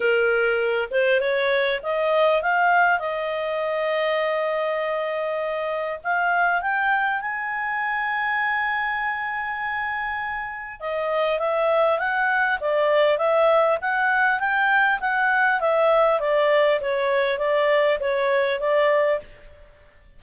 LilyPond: \new Staff \with { instrumentName = "clarinet" } { \time 4/4 \tempo 4 = 100 ais'4. c''8 cis''4 dis''4 | f''4 dis''2.~ | dis''2 f''4 g''4 | gis''1~ |
gis''2 dis''4 e''4 | fis''4 d''4 e''4 fis''4 | g''4 fis''4 e''4 d''4 | cis''4 d''4 cis''4 d''4 | }